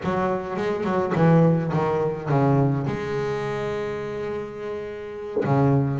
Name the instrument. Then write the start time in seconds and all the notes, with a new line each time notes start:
double bass
0.03 F#3
0.56 G#3
0.84 F#3
1.15 E3
1.73 D#3
2.29 C#3
2.86 G#3
5.44 C#3